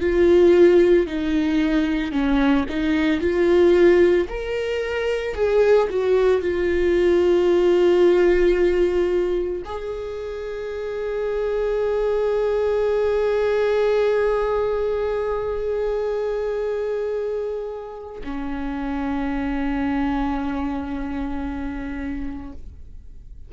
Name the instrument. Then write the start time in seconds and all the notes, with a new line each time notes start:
viola
0.00 F4
1.07 D#4
2.12 C#4
2.69 D#4
3.20 F4
4.29 A#4
5.35 G#4
5.90 F#4
6.41 F4
9.65 G#4
18.24 C#4